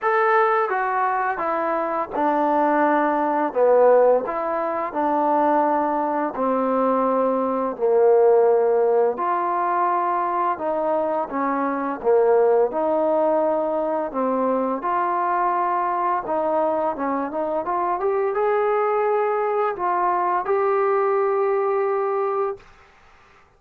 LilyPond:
\new Staff \with { instrumentName = "trombone" } { \time 4/4 \tempo 4 = 85 a'4 fis'4 e'4 d'4~ | d'4 b4 e'4 d'4~ | d'4 c'2 ais4~ | ais4 f'2 dis'4 |
cis'4 ais4 dis'2 | c'4 f'2 dis'4 | cis'8 dis'8 f'8 g'8 gis'2 | f'4 g'2. | }